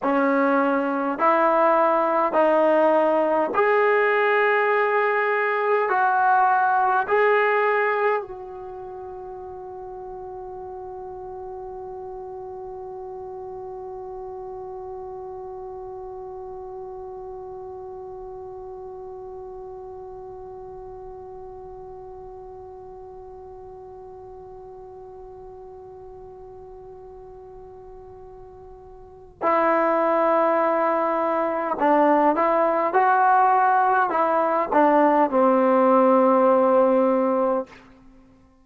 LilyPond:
\new Staff \with { instrumentName = "trombone" } { \time 4/4 \tempo 4 = 51 cis'4 e'4 dis'4 gis'4~ | gis'4 fis'4 gis'4 fis'4~ | fis'1~ | fis'1~ |
fis'1~ | fis'1~ | fis'4 e'2 d'8 e'8 | fis'4 e'8 d'8 c'2 | }